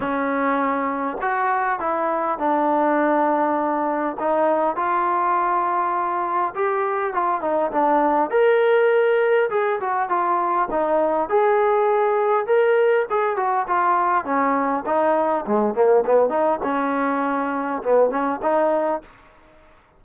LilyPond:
\new Staff \with { instrumentName = "trombone" } { \time 4/4 \tempo 4 = 101 cis'2 fis'4 e'4 | d'2. dis'4 | f'2. g'4 | f'8 dis'8 d'4 ais'2 |
gis'8 fis'8 f'4 dis'4 gis'4~ | gis'4 ais'4 gis'8 fis'8 f'4 | cis'4 dis'4 gis8 ais8 b8 dis'8 | cis'2 b8 cis'8 dis'4 | }